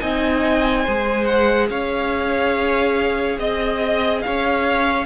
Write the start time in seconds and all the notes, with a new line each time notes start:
0.00 C4 D#4 D#5 G#5
0.83 G#3 G#4 C5
1.25 F#5
1.69 C#4 C#5 F5
3.38 C4 D#5
4.21 C#4 C#5 F5